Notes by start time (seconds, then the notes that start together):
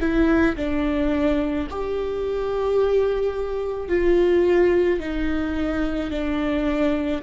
0.00 E4
0.56 D4
1.69 G4
3.88 F4
4.99 D#4
6.11 D4